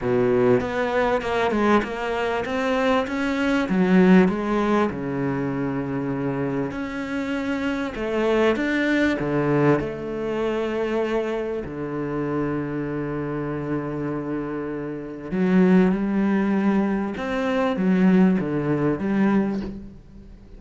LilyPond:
\new Staff \with { instrumentName = "cello" } { \time 4/4 \tempo 4 = 98 b,4 b4 ais8 gis8 ais4 | c'4 cis'4 fis4 gis4 | cis2. cis'4~ | cis'4 a4 d'4 d4 |
a2. d4~ | d1~ | d4 fis4 g2 | c'4 fis4 d4 g4 | }